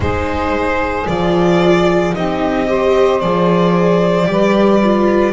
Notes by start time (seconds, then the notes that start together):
0.00 G#3 D#4 G#4 C5
1.07 F3 F4 D5
2.14 C4 D#4 G4 D#5
2.66 G4 C5
3.20 F3 G#4 D5
4.25 G3 G4 B4
4.83 F4